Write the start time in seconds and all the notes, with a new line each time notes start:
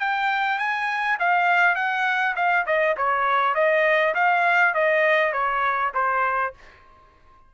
0.00 G5
0.59 G#5
1.19 F5
1.76 F#5
2.36 F5
2.67 D#5
2.97 C#5
3.55 D#5
4.15 F5
4.74 D#5
5.33 C#5
5.95 C5